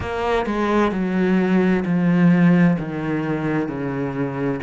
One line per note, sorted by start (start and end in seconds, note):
0.00 0.46 A#3
0.46 0.91 G#3
0.91 1.83 F#3
1.85 2.77 F3
2.79 3.68 D#3
3.68 4.60 C#3